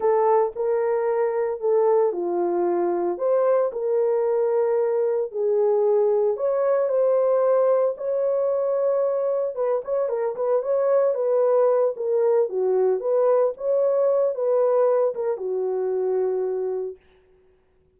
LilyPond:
\new Staff \with { instrumentName = "horn" } { \time 4/4 \tempo 4 = 113 a'4 ais'2 a'4 | f'2 c''4 ais'4~ | ais'2 gis'2 | cis''4 c''2 cis''4~ |
cis''2 b'8 cis''8 ais'8 b'8 | cis''4 b'4. ais'4 fis'8~ | fis'8 b'4 cis''4. b'4~ | b'8 ais'8 fis'2. | }